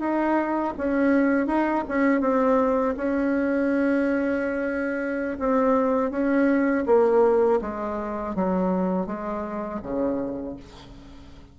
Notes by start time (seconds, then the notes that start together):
0.00 D#4
0.78 C#4
1.47 D#4
1.89 C#4
2.21 C4
2.97 C#4
5.40 C4
6.11 C#4
6.87 A#3
7.62 G#3
8.35 F#3
9.07 G#3
9.83 C#3